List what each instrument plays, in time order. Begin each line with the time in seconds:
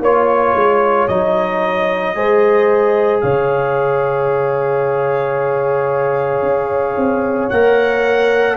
0.00 tuba A#3, trombone F4, horn C#5, trumpet C#5
0.54 tuba G#3
1.08 tuba F#3, trombone D#4, trumpet D#5
2.15 tuba G#3, trombone G#4, horn C5
3.21 tuba C#3, horn C#5, trumpet F5
6.43 tuba C#4
6.97 tuba C4
7.50 tuba A#3, trombone A#4, trumpet F#5